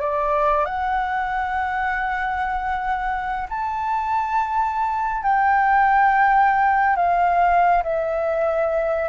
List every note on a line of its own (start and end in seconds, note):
0.00 0.65 D5
0.65 3.47 F#5
3.49 5.23 A5
5.23 6.95 G5
6.95 7.82 F5
7.83 9.09 E5